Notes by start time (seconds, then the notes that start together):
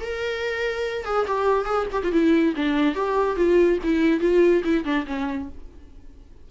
0.00 A#4
1.05 G#4
1.27 G4
1.65 G#4
1.92 G4
2.03 F4
2.11 E4
2.55 D4
2.95 G4
3.36 F4
3.83 E4
4.20 F4
4.64 E4
4.84 D4
5.06 C#4